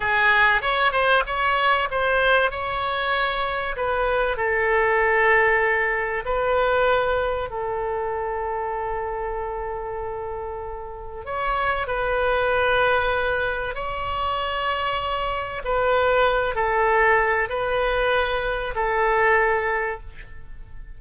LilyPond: \new Staff \with { instrumentName = "oboe" } { \time 4/4 \tempo 4 = 96 gis'4 cis''8 c''8 cis''4 c''4 | cis''2 b'4 a'4~ | a'2 b'2 | a'1~ |
a'2 cis''4 b'4~ | b'2 cis''2~ | cis''4 b'4. a'4. | b'2 a'2 | }